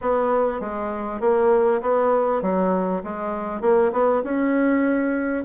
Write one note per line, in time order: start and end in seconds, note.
0.01 0.60 B3
0.60 1.20 G#3
1.20 1.81 A#3
1.81 2.41 B3
2.41 3.02 F#3
3.03 3.61 G#3
3.61 3.91 A#3
3.92 4.23 B3
4.23 5.44 C#4